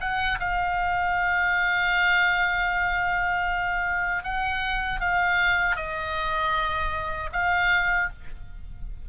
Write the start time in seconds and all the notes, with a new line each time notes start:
0.00 F#5
0.39 F5
4.23 F#5
5.00 F5
5.76 D#5
7.32 F5